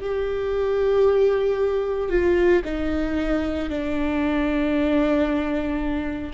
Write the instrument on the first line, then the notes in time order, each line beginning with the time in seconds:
viola
0.00 G4
2.09 F4
2.64 D#4
3.69 D4